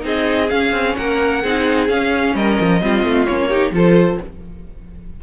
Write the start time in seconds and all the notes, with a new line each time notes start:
0.00 C4 D#4 G#4 D#5
0.50 C#4 F5
0.72 C4
0.95 A#3 A#4 F#5
1.42 C4 D#4 G#4
1.88 C#4 F5
2.34 G3 A#4 D#5
2.60 F3
2.81 G3 C4 F4
3.03 A3
3.25 A#3 C#4 C#5
3.48 D#4 G4
3.71 F3 F4 A4 C5